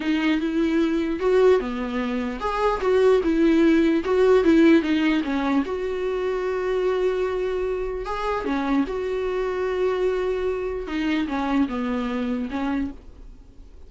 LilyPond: \new Staff \with { instrumentName = "viola" } { \time 4/4 \tempo 4 = 149 dis'4 e'2 fis'4 | b2 gis'4 fis'4 | e'2 fis'4 e'4 | dis'4 cis'4 fis'2~ |
fis'1 | gis'4 cis'4 fis'2~ | fis'2. dis'4 | cis'4 b2 cis'4 | }